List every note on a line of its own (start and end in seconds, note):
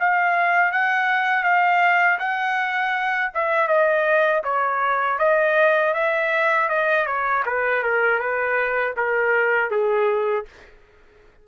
0.00 0.72 F5
0.72 1.44 F#5
1.44 2.19 F5
2.19 3.32 F#5
3.34 3.68 E5
3.68 4.43 D#5
4.44 5.19 C#5
5.19 5.94 D#5
5.94 6.69 E5
6.69 7.06 D#5
7.06 7.44 C#5
7.46 7.83 B4
7.83 8.20 A#4
8.20 8.95 B4
8.97 9.71 A#4
9.71 10.46 G#4